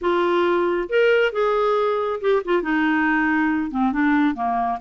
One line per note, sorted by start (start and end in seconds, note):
0.01 0.89 F4
0.89 1.32 A#4
1.32 2.19 G#4
2.20 2.42 G4
2.44 2.62 F4
2.62 3.70 D#4
3.70 3.92 C4
3.92 4.35 D4
4.35 4.78 A#3